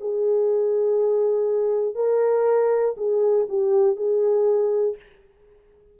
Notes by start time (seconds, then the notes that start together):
0.00 G#4
1.95 A#4
2.97 G#4
3.49 G4
3.96 G#4